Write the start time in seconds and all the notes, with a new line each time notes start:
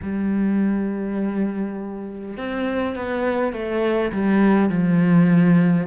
0.02 G3
2.37 C4
2.95 B3
3.52 A3
4.12 G3
4.68 F3